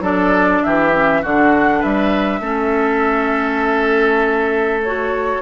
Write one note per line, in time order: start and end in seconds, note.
0.00 0.60 F#3
0.00 0.92 D4
0.00 0.62 A4
0.00 0.63 D5
0.63 1.23 E3
0.63 1.22 G4
0.63 1.23 E5
0.93 1.23 C#4
1.22 1.83 D3
1.22 2.41 D4
1.22 1.79 F#4
1.22 1.82 F#5
1.79 2.40 G3
1.79 2.39 B4
1.79 4.82 E5
2.40 5.40 A3
2.40 4.81 C#4
2.40 5.41 A4
4.83 5.41 F#4
4.83 5.41 C#5